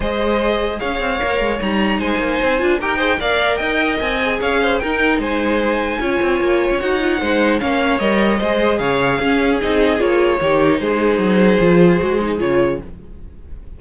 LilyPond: <<
  \new Staff \with { instrumentName = "violin" } { \time 4/4 \tempo 4 = 150 dis''2 f''2 | ais''4 gis''2 g''4 | f''4 g''4 gis''4 f''4 | g''4 gis''2.~ |
gis''4 fis''2 f''4 | dis''2 f''2 | dis''4 cis''2 c''4~ | c''2. cis''4 | }
  \new Staff \with { instrumentName = "violin" } { \time 4/4 c''2 cis''2~ | cis''4 c''2 ais'8 c''8 | d''4 dis''2 cis''8 c''8 | ais'4 c''2 cis''4~ |
cis''2 c''4 cis''4~ | cis''4 c''4 cis''4 gis'4~ | gis'2 g'4 gis'4~ | gis'1 | }
  \new Staff \with { instrumentName = "viola" } { \time 4/4 gis'2. ais'4 | dis'2~ dis'8 f'8 g'8 gis'8 | ais'2~ ais'8 gis'4. | dis'2. f'4~ |
f'4 fis'8 f'8 dis'4 cis'4 | ais'4 gis'2 cis'4 | dis'4 f'4 dis'2~ | dis'4 f'4 fis'8 dis'8 f'4 | }
  \new Staff \with { instrumentName = "cello" } { \time 4/4 gis2 cis'8 c'8 ais8 gis8 | g4 gis8 ais8 c'8 d'8 dis'4 | ais4 dis'4 c'4 cis'4 | dis'4 gis2 cis'8 c'8 |
ais8. cis'16 dis'4 gis4 ais4 | g4 gis4 cis4 cis'4 | c'4 ais4 dis4 gis4 | fis4 f4 gis4 cis4 | }
>>